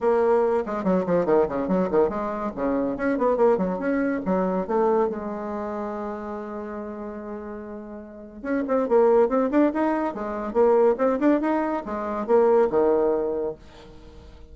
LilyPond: \new Staff \with { instrumentName = "bassoon" } { \time 4/4 \tempo 4 = 142 ais4. gis8 fis8 f8 dis8 cis8 | fis8 dis8 gis4 cis4 cis'8 b8 | ais8 fis8 cis'4 fis4 a4 | gis1~ |
gis1 | cis'8 c'8 ais4 c'8 d'8 dis'4 | gis4 ais4 c'8 d'8 dis'4 | gis4 ais4 dis2 | }